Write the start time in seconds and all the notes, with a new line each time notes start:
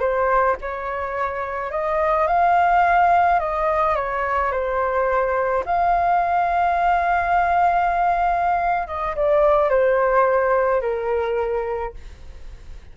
0.00 C5
0.61 C#5
1.71 D#5
2.27 F5
3.40 D#5
3.96 C#5
4.52 C5
5.66 F5
8.87 D#5
9.16 D5
9.70 C5
10.81 A#4